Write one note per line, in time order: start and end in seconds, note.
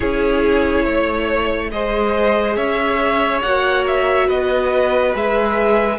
0.00 0.86 C#4
0.00 1.70 E4
0.00 0.84 G#4
0.00 1.69 C#5
0.84 1.72 A3
0.84 1.70 C#5
1.71 2.56 G#3
1.71 3.44 G#4
1.71 2.56 C5
1.71 2.56 D#5
2.56 3.42 C#4
2.56 4.27 C#5
2.56 3.41 E5
3.41 4.29 A#3
3.41 5.14 F#4
3.41 3.84 F#5
3.87 4.29 E5
4.27 5.14 B3
4.27 5.98 B4
4.27 5.14 D#5
5.14 5.98 G#3
5.14 5.98 G#4
5.14 5.98 E5